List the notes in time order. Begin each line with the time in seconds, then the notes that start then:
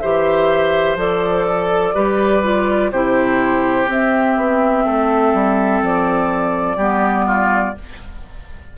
0.00 E3 G4 C5 E5
0.95 F3 A4 D5
1.47 A4
1.94 G3 G4 B4
2.43 F4
2.92 C3 E4 G4 C5
3.86 C4 E5
4.36 B3
4.84 A3 A4
5.33 G3
5.82 F3 D5
6.76 G3 B3 G4
7.27 F4